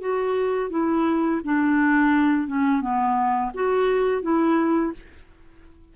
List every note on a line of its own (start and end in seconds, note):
0.00 0.70 F#4
0.70 1.41 E4
1.44 2.47 D4
2.47 2.81 C#4
2.81 3.51 B3
3.54 4.22 F#4
4.22 4.93 E4